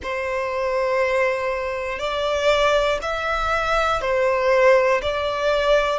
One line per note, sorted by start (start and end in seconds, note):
0.02 1.98 C5
1.98 2.98 D5
3.01 4.00 E5
4.00 5.00 C5
5.01 5.99 D5